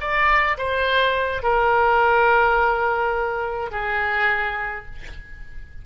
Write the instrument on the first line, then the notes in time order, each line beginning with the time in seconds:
oboe
0.00 D5
0.57 C5
1.42 A#4
3.71 G#4